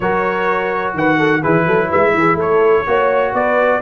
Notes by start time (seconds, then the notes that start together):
0.00 F#3 F#4 A#4 C#5
0.93 D#3 B4 F#5
1.18 A4
1.42 E3 E4 G#4 B4
1.66 F#3 A4
1.89 G#3 B4 E5
2.14 E3 G#4
2.34 A3 A4 C#5
2.86 A#3 F#4 C#5
3.33 B3 B4 D5